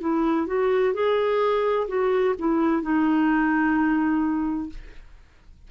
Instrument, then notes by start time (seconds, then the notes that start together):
clarinet
0.00 E4
0.46 F#4
0.94 G#4
1.87 F#4
2.39 E4
2.82 D#4